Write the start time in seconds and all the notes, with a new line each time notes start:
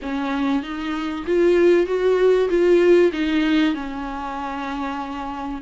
0.02 C#4
0.62 D#4
1.26 F4
1.86 F#4
2.49 F4
3.12 D#4
3.74 C#4